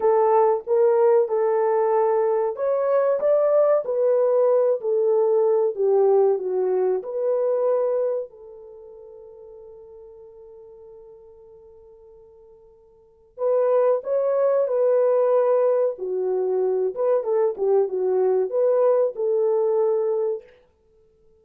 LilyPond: \new Staff \with { instrumentName = "horn" } { \time 4/4 \tempo 4 = 94 a'4 ais'4 a'2 | cis''4 d''4 b'4. a'8~ | a'4 g'4 fis'4 b'4~ | b'4 a'2.~ |
a'1~ | a'4 b'4 cis''4 b'4~ | b'4 fis'4. b'8 a'8 g'8 | fis'4 b'4 a'2 | }